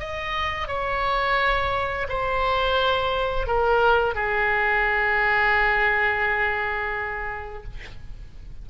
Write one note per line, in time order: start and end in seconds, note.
0.00 0.68 D#5
0.68 2.08 C#5
2.09 3.47 C5
3.47 4.15 A#4
4.15 7.64 G#4